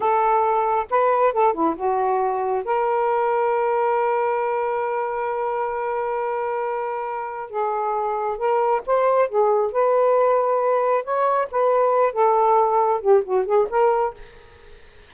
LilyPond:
\new Staff \with { instrumentName = "saxophone" } { \time 4/4 \tempo 4 = 136 a'2 b'4 a'8 e'8 | fis'2 ais'2~ | ais'1~ | ais'1~ |
ais'4 gis'2 ais'4 | c''4 gis'4 b'2~ | b'4 cis''4 b'4. a'8~ | a'4. g'8 fis'8 gis'8 ais'4 | }